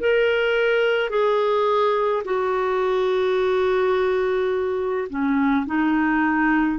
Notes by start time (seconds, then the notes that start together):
0.00 A#4
1.10 G#4
2.25 F#4
5.09 C#4
5.67 D#4